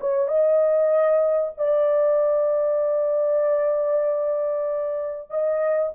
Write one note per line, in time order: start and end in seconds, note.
0.00 0.28 C#5
0.28 1.53 D#5
1.57 5.30 D5
5.30 5.93 D#5